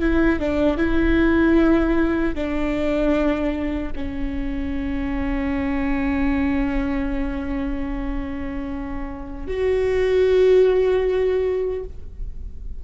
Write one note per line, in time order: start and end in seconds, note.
0.00 0.39 E4
0.40 0.78 D4
0.78 2.35 E4
2.35 3.93 D4
3.95 9.47 C#4
9.47 11.84 F#4